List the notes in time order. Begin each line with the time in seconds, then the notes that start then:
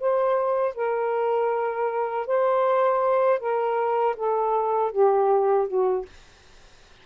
0.00 C5
0.75 A#4
2.27 C5
3.40 A#4
4.16 A4
4.92 G4
5.68 F#4